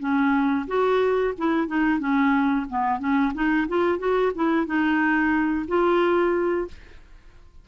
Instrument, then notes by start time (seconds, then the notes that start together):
clarinet
0.00 C#4
0.68 F#4
1.38 E4
1.68 D#4
2.00 C#4
2.70 B3
3.00 C#4
3.35 D#4
3.69 F4
3.99 F#4
4.35 E4
4.67 D#4
5.68 F4